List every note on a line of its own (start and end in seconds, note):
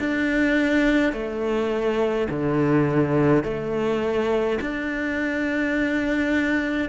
0.00 1.13 D4
1.13 2.28 A3
2.30 3.44 D3
3.44 4.59 A3
4.62 6.90 D4